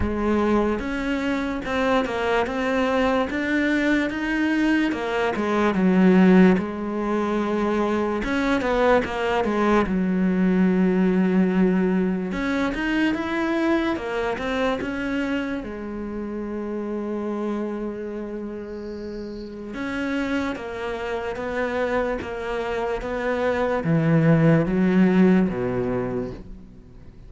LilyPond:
\new Staff \with { instrumentName = "cello" } { \time 4/4 \tempo 4 = 73 gis4 cis'4 c'8 ais8 c'4 | d'4 dis'4 ais8 gis8 fis4 | gis2 cis'8 b8 ais8 gis8 | fis2. cis'8 dis'8 |
e'4 ais8 c'8 cis'4 gis4~ | gis1 | cis'4 ais4 b4 ais4 | b4 e4 fis4 b,4 | }